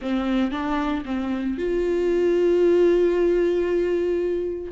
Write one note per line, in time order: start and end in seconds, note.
0.01 0.51 C4
0.51 1.03 D4
1.05 1.57 C4
1.58 4.71 F4